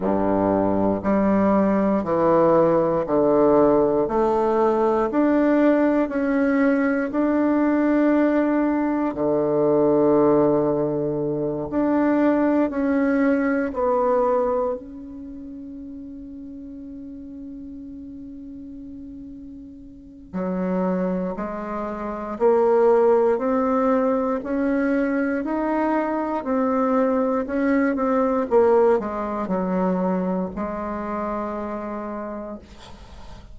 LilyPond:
\new Staff \with { instrumentName = "bassoon" } { \time 4/4 \tempo 4 = 59 g,4 g4 e4 d4 | a4 d'4 cis'4 d'4~ | d'4 d2~ d8 d'8~ | d'8 cis'4 b4 cis'4.~ |
cis'1 | fis4 gis4 ais4 c'4 | cis'4 dis'4 c'4 cis'8 c'8 | ais8 gis8 fis4 gis2 | }